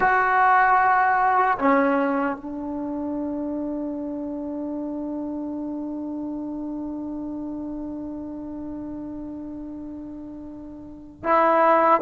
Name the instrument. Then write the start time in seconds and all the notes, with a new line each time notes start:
trombone
0.00 F#4
1.58 C#4
2.36 D4
11.23 E4